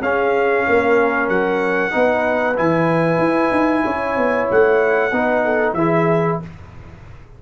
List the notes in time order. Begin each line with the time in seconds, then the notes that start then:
0.00 C#4 G#4 F5
0.66 A#3 A#4
1.29 F#3 F#5
1.90 B3 D#4 B4
2.56 E3 E4 G#5
3.18 E4
3.51 D#4
3.84 C#4 C#5
4.17 B3
4.51 A3 F#5
5.12 B3 D#4 B4
5.44 A4
5.73 E3 E4 G#4 E5